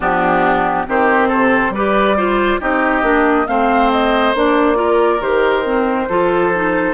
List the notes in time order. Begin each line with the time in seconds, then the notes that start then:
0.00 F3 B3 D4 G4
0.87 D#3 C4 G4 C5
1.28 C3 A4
1.69 G3 B4 D5
1.76 G4
2.16 F4 C5
2.60 C4 D#4 G4 D#5
3.02 A#3 D4
3.47 A3 C4 C5 F5
3.91 D#5
4.34 A#3 D4 D5
4.75 F4 A#4
5.20 D#3 G4 C5
5.64 C4
6.09 F3 F4 A4
6.55 D#4